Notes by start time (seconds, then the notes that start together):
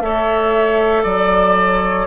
0.00 A3 A4 C#5 E5
1.03 F#3 D5
1.58 C#5